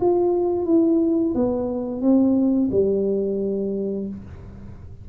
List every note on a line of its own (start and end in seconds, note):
0.00 0.65 F4
0.65 1.33 E4
1.34 2.01 B3
2.01 2.69 C4
2.71 4.07 G3